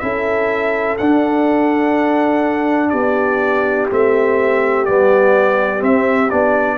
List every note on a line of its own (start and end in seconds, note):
0.00 1.00 C#4
0.00 0.99 E4
0.00 2.91 A4
0.00 0.97 E5
0.98 2.93 D4
0.98 3.90 D4
0.98 2.90 F#5
2.90 3.90 B3
2.90 6.78 G4
2.90 3.87 D5
3.90 4.89 A3
3.90 4.87 C4
3.90 4.86 E5
4.86 5.82 G3
4.86 5.80 B3
4.86 5.82 D5
5.80 6.28 C4
5.80 6.30 C4
5.80 6.31 E5
6.31 6.78 B3
6.31 6.78 D4
6.31 6.78 D5